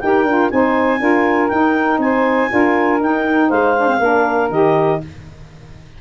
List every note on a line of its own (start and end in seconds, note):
0.00 0.24 D#4
0.00 0.26 G4
0.00 0.53 A#4
0.00 0.50 G5
0.24 0.49 D4
0.24 0.51 F4
0.51 1.00 C4
0.51 0.99 D#4
0.51 1.00 C5
0.51 1.49 G#5
0.99 1.50 D4
0.99 1.49 F4
0.99 2.00 A#4
1.49 2.49 D#4
1.49 1.98 D#4
1.49 1.99 G5
1.98 2.48 C4
1.98 2.51 C5
1.98 3.01 G#5
2.49 3.00 D4
2.49 2.99 F4
2.49 3.48 A#4
3.00 3.50 D#4
3.00 3.76 D#4
3.00 3.50 G5
3.48 3.99 G#3
3.48 3.98 C5
3.48 4.50 F5
3.77 3.88 D4
3.88 4.00 C4
3.99 4.49 A#3
3.99 4.51 D4
3.99 5.00 A#4
4.49 4.99 D#3
4.49 5.01 G4
4.49 5.01 D#5